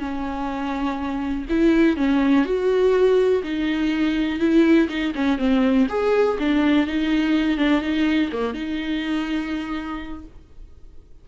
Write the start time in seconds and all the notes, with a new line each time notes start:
0.00 C#4
1.50 E4
1.97 C#4
2.45 F#4
3.44 D#4
4.40 E4
4.89 D#4
5.16 C#4
5.39 C4
5.90 G#4
6.40 D4
6.87 D#4
7.58 D4
7.82 D#4
8.33 A#3
8.54 D#4